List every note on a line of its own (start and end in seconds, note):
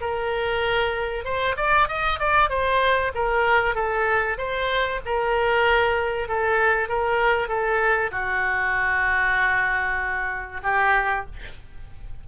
0.00 1.24 A#4
1.24 1.55 C5
1.56 1.88 D5
1.88 2.19 D#5
2.19 2.49 D5
2.49 3.11 C5
3.14 3.74 A#4
3.74 4.37 A4
4.37 5.00 C5
5.05 6.28 A#4
6.28 6.88 A4
6.88 7.48 A#4
7.48 8.10 A4
8.11 10.61 F#4
10.63 11.25 G4